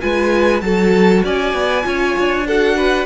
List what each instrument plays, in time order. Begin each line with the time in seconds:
0.00 cello G#3, viola F4, violin B4 G#5
0.61 cello F#3, viola F#4, violin A4 A5
1.24 cello C#4, violin D5 G#5
1.54 cello B3
1.83 cello C#4, viola F4, violin C#5
2.18 cello D4
2.47 viola F#4, violin A4 F#5
2.76 violin B4